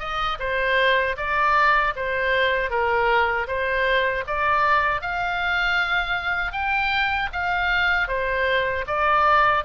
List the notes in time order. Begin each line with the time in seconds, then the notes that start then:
0.00 D#5
0.40 C5
1.17 D5
1.97 C5
2.71 A#4
3.48 C5
4.28 D5
5.02 F5
6.53 G5
7.33 F5
8.08 C5
8.88 D5